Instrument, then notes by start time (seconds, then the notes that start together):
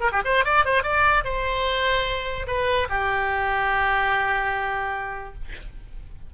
oboe
0.00 A#4
0.12 G4
0.24 C5
0.44 D5
0.65 C5
0.83 D5
1.24 C5
2.47 B4
2.89 G4